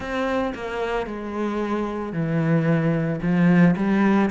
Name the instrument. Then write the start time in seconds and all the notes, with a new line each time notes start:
cello
0.00 C4
0.55 A#3
1.06 G#3
2.12 E3
3.21 F3
3.76 G3